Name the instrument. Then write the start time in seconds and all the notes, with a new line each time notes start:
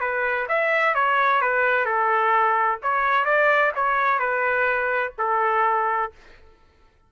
trumpet
0.00 B4
0.48 E5
0.95 C#5
1.41 B4
1.85 A4
2.82 C#5
3.25 D5
3.75 C#5
4.19 B4
5.18 A4